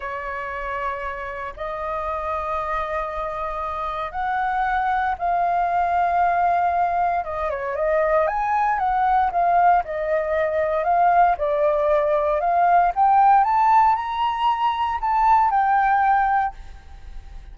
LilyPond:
\new Staff \with { instrumentName = "flute" } { \time 4/4 \tempo 4 = 116 cis''2. dis''4~ | dis''1 | fis''2 f''2~ | f''2 dis''8 cis''8 dis''4 |
gis''4 fis''4 f''4 dis''4~ | dis''4 f''4 d''2 | f''4 g''4 a''4 ais''4~ | ais''4 a''4 g''2 | }